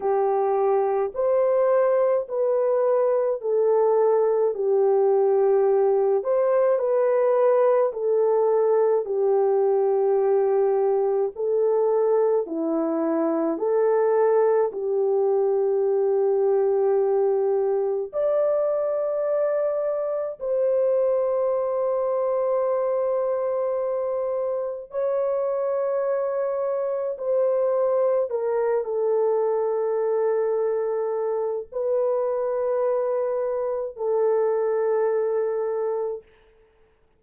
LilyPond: \new Staff \with { instrumentName = "horn" } { \time 4/4 \tempo 4 = 53 g'4 c''4 b'4 a'4 | g'4. c''8 b'4 a'4 | g'2 a'4 e'4 | a'4 g'2. |
d''2 c''2~ | c''2 cis''2 | c''4 ais'8 a'2~ a'8 | b'2 a'2 | }